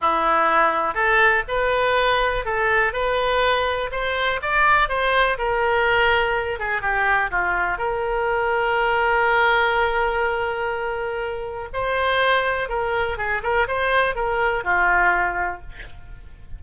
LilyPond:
\new Staff \with { instrumentName = "oboe" } { \time 4/4 \tempo 4 = 123 e'2 a'4 b'4~ | b'4 a'4 b'2 | c''4 d''4 c''4 ais'4~ | ais'4. gis'8 g'4 f'4 |
ais'1~ | ais'1 | c''2 ais'4 gis'8 ais'8 | c''4 ais'4 f'2 | }